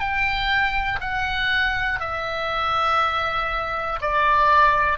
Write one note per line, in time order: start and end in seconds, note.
0.00 1.00 G5
1.00 2.00 F#5
2.00 4.00 E5
4.01 4.98 D5